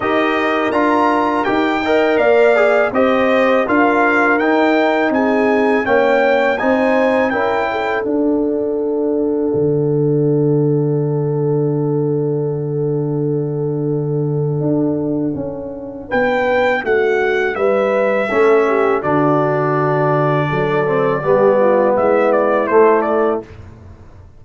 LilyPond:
<<
  \new Staff \with { instrumentName = "trumpet" } { \time 4/4 \tempo 4 = 82 dis''4 ais''4 g''4 f''4 | dis''4 f''4 g''4 gis''4 | g''4 gis''4 g''4 fis''4~ | fis''1~ |
fis''1~ | fis''2 g''4 fis''4 | e''2 d''2~ | d''2 e''8 d''8 c''8 d''8 | }
  \new Staff \with { instrumentName = "horn" } { \time 4/4 ais'2~ ais'8 dis''8 d''4 | c''4 ais'2 gis'4 | cis''4 c''4 ais'8 a'4.~ | a'1~ |
a'1~ | a'2 b'4 fis'4 | b'4 a'8 g'8 fis'2 | a'4 g'8 f'8 e'2 | }
  \new Staff \with { instrumentName = "trombone" } { \time 4/4 g'4 f'4 g'8 ais'4 gis'8 | g'4 f'4 dis'2 | cis'4 dis'4 e'4 d'4~ | d'1~ |
d'1~ | d'1~ | d'4 cis'4 d'2~ | d'8 c'8 b2 a4 | }
  \new Staff \with { instrumentName = "tuba" } { \time 4/4 dis'4 d'4 dis'4 ais4 | c'4 d'4 dis'4 c'4 | ais4 c'4 cis'4 d'4~ | d'4 d2.~ |
d1 | d'4 cis'4 b4 a4 | g4 a4 d2 | fis4 g4 gis4 a4 | }
>>